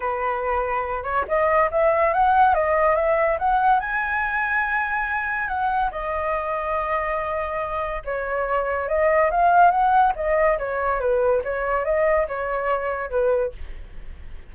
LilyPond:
\new Staff \with { instrumentName = "flute" } { \time 4/4 \tempo 4 = 142 b'2~ b'8 cis''8 dis''4 | e''4 fis''4 dis''4 e''4 | fis''4 gis''2.~ | gis''4 fis''4 dis''2~ |
dis''2. cis''4~ | cis''4 dis''4 f''4 fis''4 | dis''4 cis''4 b'4 cis''4 | dis''4 cis''2 b'4 | }